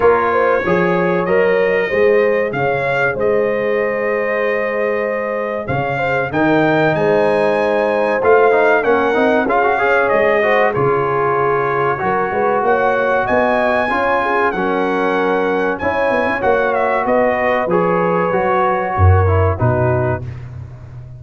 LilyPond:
<<
  \new Staff \with { instrumentName = "trumpet" } { \time 4/4 \tempo 4 = 95 cis''2 dis''2 | f''4 dis''2.~ | dis''4 f''4 g''4 gis''4~ | gis''4 f''4 fis''4 f''4 |
dis''4 cis''2. | fis''4 gis''2 fis''4~ | fis''4 gis''4 fis''8 e''8 dis''4 | cis''2. b'4 | }
  \new Staff \with { instrumentName = "horn" } { \time 4/4 ais'8 c''8 cis''2 c''4 | cis''4 c''2.~ | c''4 cis''8 c''8 ais'4 c''4~ | c''2 ais'4 gis'8 cis''8~ |
cis''8 c''8 gis'2 ais'8 b'8 | cis''4 dis''4 cis''8 gis'8 ais'4~ | ais'4 cis''2 b'4~ | b'2 ais'4 fis'4 | }
  \new Staff \with { instrumentName = "trombone" } { \time 4/4 f'4 gis'4 ais'4 gis'4~ | gis'1~ | gis'2 dis'2~ | dis'4 f'8 dis'8 cis'8 dis'8 f'16 fis'16 gis'8~ |
gis'8 fis'8 f'2 fis'4~ | fis'2 f'4 cis'4~ | cis'4 e'4 fis'2 | gis'4 fis'4. e'8 dis'4 | }
  \new Staff \with { instrumentName = "tuba" } { \time 4/4 ais4 f4 fis4 gis4 | cis4 gis2.~ | gis4 cis4 dis4 gis4~ | gis4 a4 ais8 c'8 cis'4 |
gis4 cis2 fis8 gis8 | ais4 b4 cis'4 fis4~ | fis4 cis'8 b16 cis'16 ais4 b4 | f4 fis4 fis,4 b,4 | }
>>